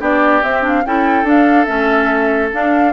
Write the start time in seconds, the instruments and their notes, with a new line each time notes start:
0.00 bassoon B3, clarinet D4, oboe G4, flute D5
0.43 bassoon C4, clarinet C4, flute E5
0.62 clarinet D4, flute F5
0.85 bassoon C#4, clarinet E4, oboe A4, flute G5
1.24 bassoon D4, clarinet D4, flute F5
1.65 bassoon A3, clarinet C#4, flute E5
2.53 clarinet D4, bassoon D4, flute F5